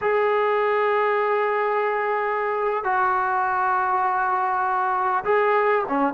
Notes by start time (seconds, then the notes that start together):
0.01 G#4
2.84 F#4
5.24 G#4
5.88 C#4